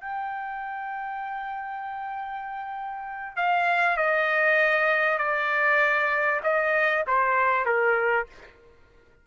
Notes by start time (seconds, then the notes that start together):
0.00 G5
3.36 F5
3.97 D#5
5.18 D5
6.43 D#5
7.07 C5
7.65 A#4